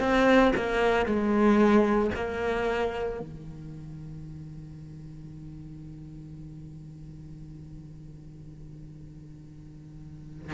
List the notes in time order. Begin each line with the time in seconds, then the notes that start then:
0.00 C4
0.56 A#3
1.06 G#3
2.15 A#3
3.21 D#3